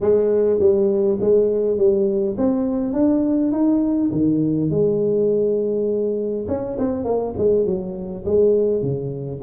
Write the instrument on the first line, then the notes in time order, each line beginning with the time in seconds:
tuba
0.00 G#3
0.59 G3
1.20 G#3
1.77 G3
2.37 C4
2.93 D4
3.52 D#4
4.11 D#3
4.70 G#3
6.48 C#4
6.78 C4
7.04 A#3
7.37 G#3
7.65 F#3
8.25 G#3
8.82 C#3